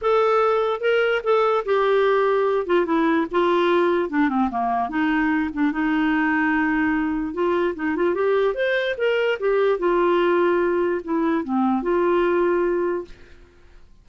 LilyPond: \new Staff \with { instrumentName = "clarinet" } { \time 4/4 \tempo 4 = 147 a'2 ais'4 a'4 | g'2~ g'8 f'8 e'4 | f'2 d'8 c'8 ais4 | dis'4. d'8 dis'2~ |
dis'2 f'4 dis'8 f'8 | g'4 c''4 ais'4 g'4 | f'2. e'4 | c'4 f'2. | }